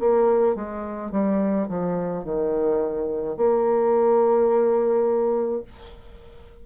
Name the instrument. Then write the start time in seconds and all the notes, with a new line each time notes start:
bassoon
0.00 A#3
0.56 G#3
1.12 G3
1.69 F3
2.24 D#3
3.37 A#3